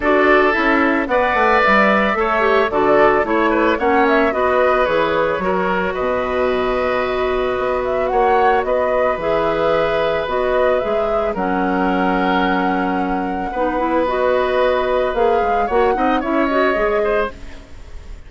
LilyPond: <<
  \new Staff \with { instrumentName = "flute" } { \time 4/4 \tempo 4 = 111 d''4 e''4 fis''4 e''4~ | e''4 d''4 cis''4 fis''8 e''8 | dis''4 cis''2 dis''4~ | dis''2~ dis''8 e''8 fis''4 |
dis''4 e''2 dis''4 | e''4 fis''2.~ | fis''2 dis''2 | f''4 fis''4 e''8 dis''4. | }
  \new Staff \with { instrumentName = "oboe" } { \time 4/4 a'2 d''2 | cis''4 a'4 cis''8 b'8 cis''4 | b'2 ais'4 b'4~ | b'2. cis''4 |
b'1~ | b'4 ais'2.~ | ais'4 b'2.~ | b'4 cis''8 dis''8 cis''4. c''8 | }
  \new Staff \with { instrumentName = "clarinet" } { \time 4/4 fis'4 e'4 b'2 | a'8 g'8 fis'4 e'4 cis'4 | fis'4 gis'4 fis'2~ | fis'1~ |
fis'4 gis'2 fis'4 | gis'4 cis'2.~ | cis'4 dis'8 e'8 fis'2 | gis'4 fis'8 dis'8 e'8 fis'8 gis'4 | }
  \new Staff \with { instrumentName = "bassoon" } { \time 4/4 d'4 cis'4 b8 a8 g4 | a4 d4 a4 ais4 | b4 e4 fis4 b,4~ | b,2 b4 ais4 |
b4 e2 b4 | gis4 fis2.~ | fis4 b2. | ais8 gis8 ais8 c'8 cis'4 gis4 | }
>>